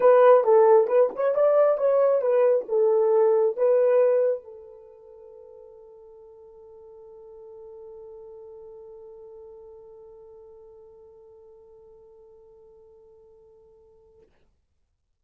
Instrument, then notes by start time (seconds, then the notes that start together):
horn
0.00 B4
0.44 A4
0.87 B4
1.15 C#5
1.34 D5
1.77 C#5
2.21 B4
2.68 A4
3.56 B4
4.44 A4